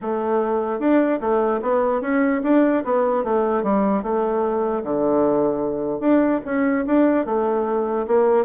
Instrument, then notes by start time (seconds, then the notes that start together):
bassoon
0.01 A3
0.79 D4
1.20 A3
1.62 B3
2.01 C#4
2.43 D4
2.84 B3
3.24 A3
3.63 G3
4.02 A3
4.83 D3
6.00 D4
6.45 C#4
6.86 D4
7.25 A3
8.07 A#3